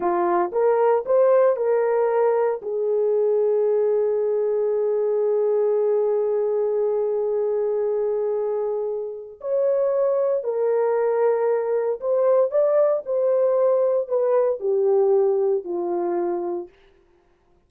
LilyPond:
\new Staff \with { instrumentName = "horn" } { \time 4/4 \tempo 4 = 115 f'4 ais'4 c''4 ais'4~ | ais'4 gis'2.~ | gis'1~ | gis'1~ |
gis'2 cis''2 | ais'2. c''4 | d''4 c''2 b'4 | g'2 f'2 | }